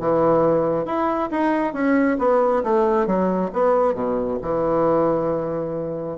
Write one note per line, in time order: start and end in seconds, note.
0.00 0.85 E3
0.85 1.30 E4
1.31 1.74 D#4
1.74 2.18 C#4
2.19 2.63 B3
2.64 3.07 A3
3.07 3.51 F#3
3.53 3.94 B3
3.94 4.38 B2
4.42 6.18 E3